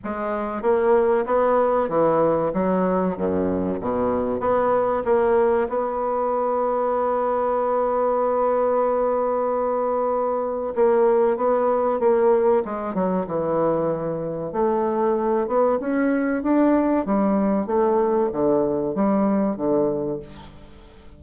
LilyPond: \new Staff \with { instrumentName = "bassoon" } { \time 4/4 \tempo 4 = 95 gis4 ais4 b4 e4 | fis4 fis,4 b,4 b4 | ais4 b2.~ | b1~ |
b4 ais4 b4 ais4 | gis8 fis8 e2 a4~ | a8 b8 cis'4 d'4 g4 | a4 d4 g4 d4 | }